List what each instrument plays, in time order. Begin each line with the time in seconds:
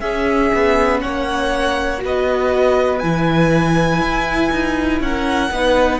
0.00 cello C#4, viola C#4, violin G#4 E5
0.54 cello B3
1.01 cello A#3, violin C#5 F#5
1.99 cello B3, viola F#4, violin B4
2.06 violin D#5
2.99 cello E3, viola E4, violin G#5
4.01 cello E4
4.52 cello D#4
5.00 cello C#4, violin A#4 F#5
5.50 cello B3, viola D#4, violin B4